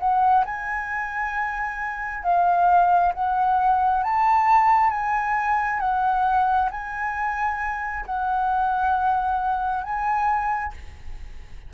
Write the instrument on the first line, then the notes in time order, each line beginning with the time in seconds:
flute
0.00 F#5
0.46 G#5
2.24 F5
3.14 F#5
4.04 A5
4.91 G#5
5.80 F#5
6.71 G#5
8.06 F#5
9.84 G#5